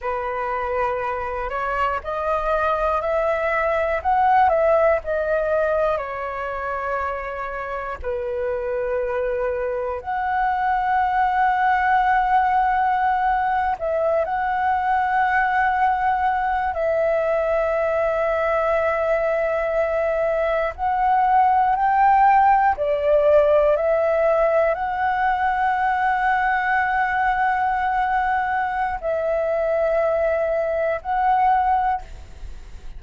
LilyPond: \new Staff \with { instrumentName = "flute" } { \time 4/4 \tempo 4 = 60 b'4. cis''8 dis''4 e''4 | fis''8 e''8 dis''4 cis''2 | b'2 fis''2~ | fis''4.~ fis''16 e''8 fis''4.~ fis''16~ |
fis''8. e''2.~ e''16~ | e''8. fis''4 g''4 d''4 e''16~ | e''8. fis''2.~ fis''16~ | fis''4 e''2 fis''4 | }